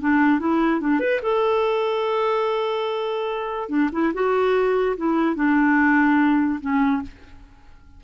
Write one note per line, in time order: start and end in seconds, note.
0.00 0.39 D4
0.39 0.80 E4
0.80 0.99 D4
0.99 1.20 B4
1.22 3.69 A4
3.69 3.89 D4
3.92 4.12 E4
4.13 4.96 F#4
4.97 5.35 E4
5.35 6.59 D4
6.60 7.02 C#4